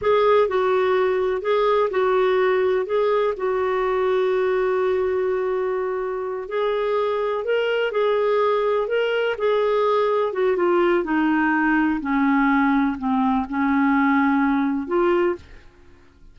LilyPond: \new Staff \with { instrumentName = "clarinet" } { \time 4/4 \tempo 4 = 125 gis'4 fis'2 gis'4 | fis'2 gis'4 fis'4~ | fis'1~ | fis'4. gis'2 ais'8~ |
ais'8 gis'2 ais'4 gis'8~ | gis'4. fis'8 f'4 dis'4~ | dis'4 cis'2 c'4 | cis'2. f'4 | }